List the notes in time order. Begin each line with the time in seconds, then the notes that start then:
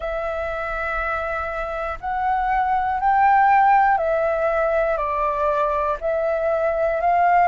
0.00 E5
2.00 F#5
3.00 G5
3.97 E5
4.97 D5
6.00 E5
7.00 F5